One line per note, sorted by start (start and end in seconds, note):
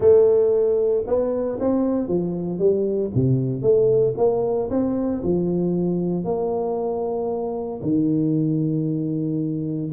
0.00 1.04 A3
1.06 1.59 B3
1.60 2.08 C4
2.08 2.58 F3
2.58 3.10 G3
3.14 3.61 C3
3.61 4.14 A3
4.17 4.69 A#3
4.70 5.22 C4
5.23 6.24 F3
6.24 7.80 A#3
7.82 9.91 D#3